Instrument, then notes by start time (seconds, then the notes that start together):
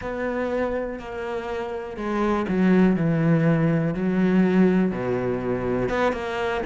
cello
0.00 B3
0.99 A#3
1.97 G#3
2.48 F#3
2.96 E3
3.94 F#3
4.91 B2
5.89 B3
6.12 A#3